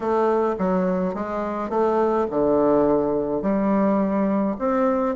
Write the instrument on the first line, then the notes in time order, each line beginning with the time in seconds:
bassoon
0.00 A3
0.58 F#3
1.14 G#3
1.69 A3
2.30 D3
3.42 G3
4.58 C4